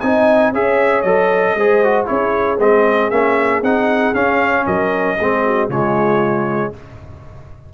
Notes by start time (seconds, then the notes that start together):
0.00 C4 D#4 D#5 G#5
0.52 C#4 G#4 C#5 E5
1.02 F#3 A4 D#5
1.55 G#3 G#4 C5
1.84 F#4
2.05 C#4 E4 G#4 C#5
2.59 G#3 C4 D#5
3.10 A#3 C#4 E5
3.62 C4 D#4 F#5
4.14 C#4 F5
4.66 F#3 A#4 D#5
5.18 G#3 C4 G#4
5.45 F#4
5.68 C#3 G#3 F4 C#5